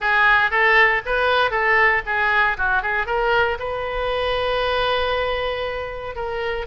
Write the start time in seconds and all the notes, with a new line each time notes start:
0.00 G#4
0.50 A4
1.05 B4
1.50 A4
2.06 G#4
2.57 F#4
2.82 G#4
3.06 A#4
3.59 B4
6.15 A#4